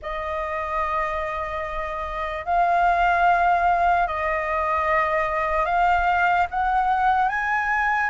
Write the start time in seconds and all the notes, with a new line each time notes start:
0.02 D#5
2.45 F5
4.07 D#5
5.65 F5
6.50 F#5
7.28 G#5